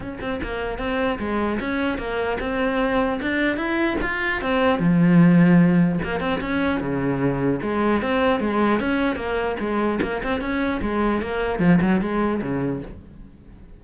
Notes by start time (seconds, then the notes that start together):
0.00 C#4
0.20 C4
0.42 A#3
0.78 C4
1.19 G#3
1.59 C#4
1.97 A#3
2.39 C4
3.21 D4
3.57 E4
4.01 F4
4.41 C4
4.79 F3
6.04 A#3
6.20 C4
6.41 C#4
6.80 C#3
7.61 G#3
8.01 C4
8.39 G#3
8.80 C#4
9.16 A#3
9.59 G#3
10.01 A#3
10.23 C4
10.40 C#4
10.81 G#3
11.21 A#3
11.59 F3
11.81 F#3
12.01 G#3
12.42 C#3